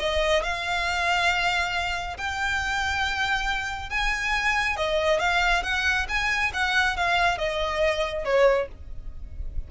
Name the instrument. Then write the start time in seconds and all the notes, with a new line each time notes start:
violin
0.00 D#5
0.44 F5
2.18 G5
3.90 G#5
4.77 D#5
5.20 F5
5.64 F#5
6.09 G#5
6.54 F#5
6.97 F5
7.38 D#5
8.25 C#5